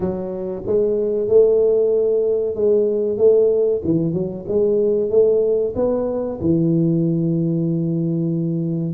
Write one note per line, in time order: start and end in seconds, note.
0.00 0.62 F#3
0.66 1.28 G#3
1.28 2.55 A3
2.55 3.17 G#3
3.17 3.81 A3
3.84 4.13 E3
4.13 4.45 F#3
4.47 5.10 G#3
5.10 5.74 A3
5.75 6.39 B3
6.40 8.94 E3